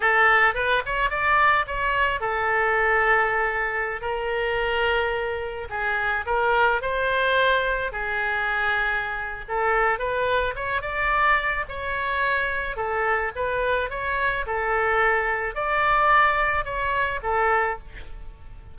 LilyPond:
\new Staff \with { instrumentName = "oboe" } { \time 4/4 \tempo 4 = 108 a'4 b'8 cis''8 d''4 cis''4 | a'2.~ a'16 ais'8.~ | ais'2~ ais'16 gis'4 ais'8.~ | ais'16 c''2 gis'4.~ gis'16~ |
gis'4 a'4 b'4 cis''8 d''8~ | d''4 cis''2 a'4 | b'4 cis''4 a'2 | d''2 cis''4 a'4 | }